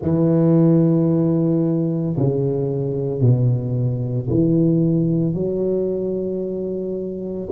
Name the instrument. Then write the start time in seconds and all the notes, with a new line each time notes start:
tuba
0.01 E3
2.16 C#3
3.20 B2
4.29 E3
5.34 F#3